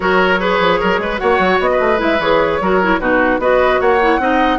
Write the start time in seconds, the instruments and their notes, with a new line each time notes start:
0.00 bassoon F#3, clarinet F#4, oboe A#4, flute C#5
0.39 clarinet G#4, oboe B4
0.59 bassoon F3
0.80 bassoon F#3, oboe A#4
0.98 bassoon G#3, oboe B4
1.17 bassoon A#3, clarinet F#4, oboe C#5, flute F#5
1.38 bassoon F#3
1.59 bassoon B3, flute D#5
1.71 oboe B4
1.79 bassoon A3
1.97 bassoon G#3, clarinet E4, flute E5
2.19 bassoon E3, clarinet G#4, flute C#5
2.61 bassoon F#3, clarinet F#4, oboe A#4
2.82 clarinet E4
2.99 bassoon B2, clarinet D#4, oboe F#4, flute B4
3.39 bassoon B3, clarinet F#4, oboe B4, flute D#5
3.80 bassoon A#3, oboe C#5, flute F#5
4.01 clarinet E4
4.18 bassoon C4, clarinet D#4, oboe D#5